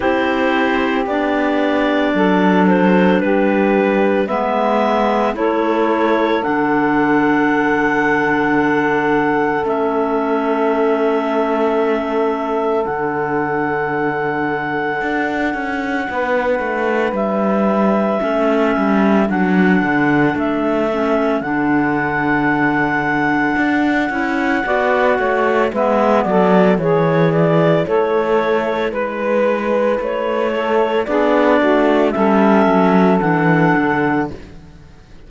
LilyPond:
<<
  \new Staff \with { instrumentName = "clarinet" } { \time 4/4 \tempo 4 = 56 c''4 d''4. c''8 b'4 | e''4 cis''4 fis''2~ | fis''4 e''2. | fis''1 |
e''2 fis''4 e''4 | fis''1 | e''8 d''8 cis''8 d''8 cis''4 b'4 | cis''4 d''4 e''4 fis''4 | }
  \new Staff \with { instrumentName = "saxophone" } { \time 4/4 g'2 a'4 g'4 | b'4 a'2.~ | a'1~ | a'2. b'4~ |
b'4 a'2.~ | a'2. d''8 cis''8 | b'8 a'8 gis'4 a'4 b'4~ | b'8 a'8 gis'8 fis'8 a'2 | }
  \new Staff \with { instrumentName = "clarinet" } { \time 4/4 e'4 d'2. | b4 e'4 d'2~ | d'4 cis'2. | d'1~ |
d'4 cis'4 d'4. cis'8 | d'2~ d'8 e'8 fis'4 | b4 e'2.~ | e'4 d'4 cis'4 d'4 | }
  \new Staff \with { instrumentName = "cello" } { \time 4/4 c'4 b4 fis4 g4 | gis4 a4 d2~ | d4 a2. | d2 d'8 cis'8 b8 a8 |
g4 a8 g8 fis8 d8 a4 | d2 d'8 cis'8 b8 a8 | gis8 fis8 e4 a4 gis4 | a4 b8 a8 g8 fis8 e8 d8 | }
>>